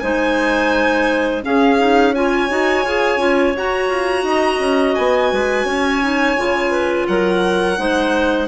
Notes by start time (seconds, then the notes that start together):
0.00 G#3 D#4 C5 G#5
1.42 C#4 G#4 F5
1.78 D#4
2.14 F4 C#5 G#5
2.49 D#4 F#4
2.84 F4 G#4
3.17 C#4 F4
3.57 F#4 A#5
3.89 F4
4.23 D#4 D#5
4.59 C#4
4.95 B3 G#5
5.32 G#3 B4
5.65 C#4 C#5
6.02 D#4
6.37 C#3 F4
6.70 B4
7.07 F#3 A#4 F#5
7.77 G#3 D#4 C5